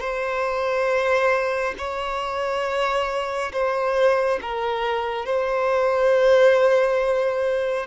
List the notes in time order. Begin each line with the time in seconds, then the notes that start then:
0.00 C5
1.78 C#5
3.52 C5
4.41 A#4
5.25 C5